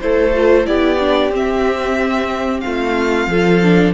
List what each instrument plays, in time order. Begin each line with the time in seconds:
0.00 cello A3, viola E4, violin A4 C5
0.34 viola F4
0.65 cello B3, viola E4, violin G4 D5
0.99 viola D4
1.30 cello C4, viola C4, violin E5
2.60 cello A3, violin F4 F5
3.26 cello F3, viola F4, violin A4
3.63 viola D4